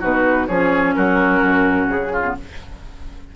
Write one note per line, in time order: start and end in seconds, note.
0.00 0.49 B2
0.00 0.48 D#4
0.00 0.47 F#4
0.00 0.47 B4
0.47 0.95 F3
0.47 2.24 C#4
0.47 0.94 G#4
0.47 0.94 C#5
0.94 1.42 F#3
0.94 2.12 F#4
0.94 1.87 A#4
1.42 1.89 F#2
1.88 2.36 C#3
1.88 2.35 G#4
2.12 2.36 F4
2.24 2.35 B3